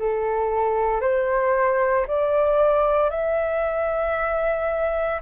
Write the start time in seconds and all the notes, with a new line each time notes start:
0.00 A4
1.01 C5
2.08 D5
3.11 E5